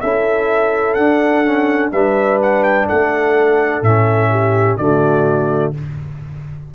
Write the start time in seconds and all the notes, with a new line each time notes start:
0.00 C#4 E4 A4 E5
0.94 D4 F#5
1.44 C#4
1.91 G3 D4 B4 E5
2.42 F#5
2.63 G5
2.86 A3 A4 F#5
3.82 A2 C#4 E5
4.31 G4
4.77 D3 A3 F#4 D5